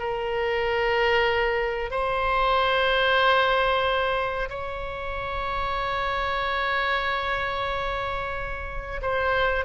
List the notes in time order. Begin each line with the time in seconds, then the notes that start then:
0.00 A#4
1.91 C5
4.50 C#5
9.02 C5